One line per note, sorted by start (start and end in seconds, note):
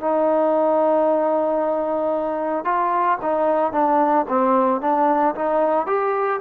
0.00 2.64 D#4
2.64 3.18 F4
3.22 3.72 D#4
3.72 4.26 D4
4.28 4.81 C4
4.81 5.34 D4
5.35 5.86 D#4
5.86 6.40 G4